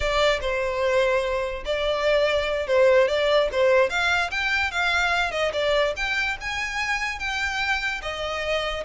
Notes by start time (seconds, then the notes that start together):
0.00 D5
0.41 C5
1.65 D5
2.67 C5
3.08 D5
3.52 C5
3.89 F5
4.31 G5
4.71 F5
5.31 D#5
5.52 D5
5.96 G5
6.40 G#5
7.19 G5
8.01 D#5